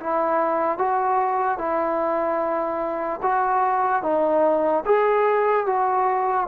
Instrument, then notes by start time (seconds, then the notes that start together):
trombone
0.00 E4
0.78 F#4
1.58 E4
3.22 F#4
4.02 D#4
4.85 G#4
5.66 F#4